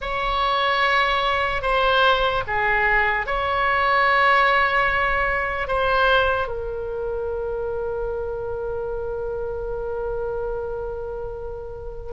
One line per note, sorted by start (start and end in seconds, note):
0.01 1.62 C#5
1.62 2.43 C5
2.47 3.26 G#4
3.26 5.67 C#5
5.67 6.47 C5
6.47 12.13 A#4